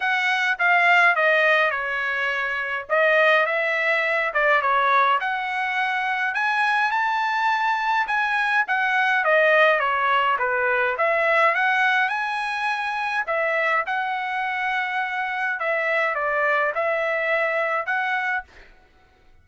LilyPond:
\new Staff \with { instrumentName = "trumpet" } { \time 4/4 \tempo 4 = 104 fis''4 f''4 dis''4 cis''4~ | cis''4 dis''4 e''4. d''8 | cis''4 fis''2 gis''4 | a''2 gis''4 fis''4 |
dis''4 cis''4 b'4 e''4 | fis''4 gis''2 e''4 | fis''2. e''4 | d''4 e''2 fis''4 | }